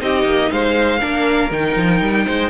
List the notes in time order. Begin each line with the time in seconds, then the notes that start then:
0.00 C4 D#4 G4 D#5
0.24 A#3
0.52 G#3 C5 F5
1.00 A#3 D4 A#4
1.51 D#3 D#4 G5
1.76 F3
2.01 G3
2.26 G#3 C5